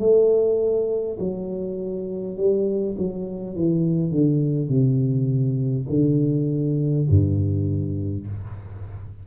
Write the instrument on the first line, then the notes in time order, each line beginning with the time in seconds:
tuba
0.00 A3
1.20 F#3
2.37 G3
2.98 F#3
3.56 E3
4.12 D3
4.69 C3
5.89 D3
7.10 G2